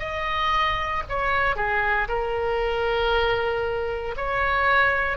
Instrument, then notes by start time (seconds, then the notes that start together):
oboe
0.00 D#5
1.10 C#5
1.57 G#4
2.09 A#4
4.17 C#5